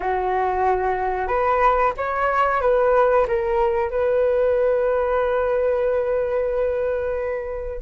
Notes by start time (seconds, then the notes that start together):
0.00 F#4
1.27 B4
1.97 C#5
2.61 B4
3.27 A#4
3.90 B4